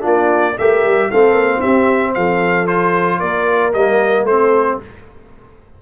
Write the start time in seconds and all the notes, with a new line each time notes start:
0.00 A#3 D4 F4
0.06 D5
0.58 A3 G4 A#4 E5
0.84 G3
1.11 A3 C4 A4 F5
1.32 A#3
1.60 C4 G4 E5
2.14 F3 A4 F5
2.67 F4 C5
3.19 A#3 A#4 D5
3.73 G3 A#3 D#5
4.23 A3 C4 A4 C5